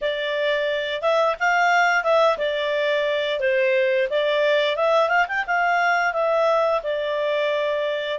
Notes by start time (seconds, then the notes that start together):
0.01 D5
1.01 E5
1.39 F5
2.03 E5
2.38 D5
3.40 C5
4.10 D5
4.76 E5
5.09 F5
5.27 G5
5.46 F5
6.13 E5
6.83 D5